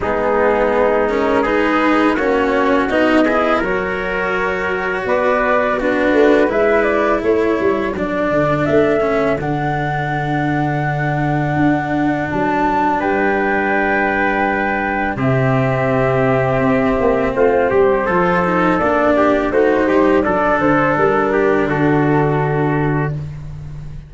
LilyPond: <<
  \new Staff \with { instrumentName = "flute" } { \time 4/4 \tempo 4 = 83 gis'4. ais'8 b'4 cis''4 | dis''4 cis''2 d''4 | b'4 e''8 d''8 cis''4 d''4 | e''4 fis''2.~ |
fis''4 a''4 g''2~ | g''4 e''2. | c''2 d''4 c''4 | d''8 c''8 ais'4 a'2 | }
  \new Staff \with { instrumentName = "trumpet" } { \time 4/4 dis'2 gis'4 fis'4~ | fis'8 gis'8 ais'2 b'4 | fis'4 b'4 a'2~ | a'1~ |
a'2 b'2~ | b'4 g'2. | f'8 g'8 a'4. g'8 fis'8 g'8 | a'4. g'8 fis'2 | }
  \new Staff \with { instrumentName = "cello" } { \time 4/4 b4. cis'8 dis'4 cis'4 | dis'8 e'8 fis'2. | d'4 e'2 d'4~ | d'8 cis'8 d'2.~ |
d'1~ | d'4 c'2.~ | c'4 f'8 dis'8 d'4 dis'4 | d'1 | }
  \new Staff \with { instrumentName = "tuba" } { \time 4/4 gis2. ais4 | b4 fis2 b4~ | b8 a8 gis4 a8 g8 fis8 d8 | a4 d2. |
d'4 fis4 g2~ | g4 c2 c'8 ais8 | a8 g8 f4 ais4 a8 g8 | fis8 d8 g4 d2 | }
>>